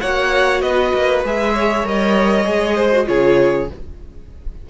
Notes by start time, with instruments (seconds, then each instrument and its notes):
0.00 cello A#3, viola F#4, violin C#5 F#5
0.61 cello B3, violin B4 D#5
0.93 cello A#3
1.24 cello G#3, viola G#4, violin E5
1.53 violin C#5
1.83 cello G3, viola A#4, violin D#5
2.44 cello G#3, viola G#4
2.75 violin C5
2.92 viola F#4
3.05 cello C#3, viola F4, violin G#4 C#5